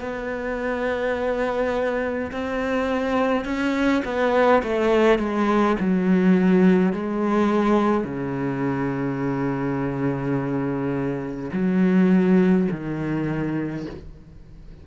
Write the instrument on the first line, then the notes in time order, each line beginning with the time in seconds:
cello
0.00 B3
2.31 C4
3.45 C#4
4.05 B3
4.63 A3
5.19 G#3
5.80 F#3
6.93 G#3
8.04 C#3
11.53 F#3
12.71 D#3